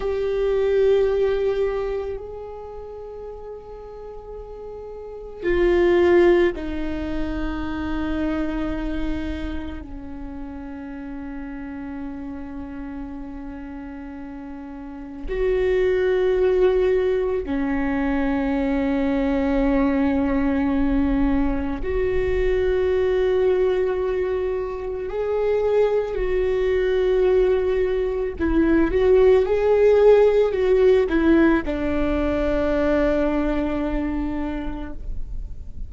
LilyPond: \new Staff \with { instrumentName = "viola" } { \time 4/4 \tempo 4 = 55 g'2 gis'2~ | gis'4 f'4 dis'2~ | dis'4 cis'2.~ | cis'2 fis'2 |
cis'1 | fis'2. gis'4 | fis'2 e'8 fis'8 gis'4 | fis'8 e'8 d'2. | }